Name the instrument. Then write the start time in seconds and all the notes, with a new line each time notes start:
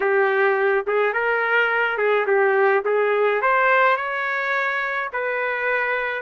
trumpet
0.00 G4
0.86 G#4
1.13 A#4
1.97 G#4
2.26 G4
2.85 G#4
3.41 C5
3.96 C#5
5.13 B4